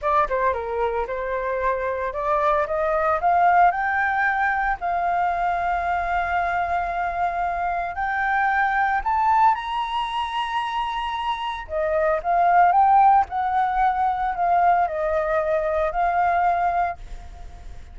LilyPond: \new Staff \with { instrumentName = "flute" } { \time 4/4 \tempo 4 = 113 d''8 c''8 ais'4 c''2 | d''4 dis''4 f''4 g''4~ | g''4 f''2.~ | f''2. g''4~ |
g''4 a''4 ais''2~ | ais''2 dis''4 f''4 | g''4 fis''2 f''4 | dis''2 f''2 | }